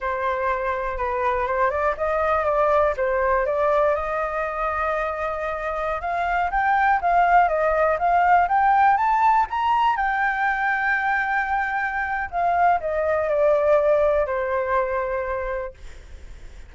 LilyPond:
\new Staff \with { instrumentName = "flute" } { \time 4/4 \tempo 4 = 122 c''2 b'4 c''8 d''8 | dis''4 d''4 c''4 d''4 | dis''1~ | dis''16 f''4 g''4 f''4 dis''8.~ |
dis''16 f''4 g''4 a''4 ais''8.~ | ais''16 g''2.~ g''8.~ | g''4 f''4 dis''4 d''4~ | d''4 c''2. | }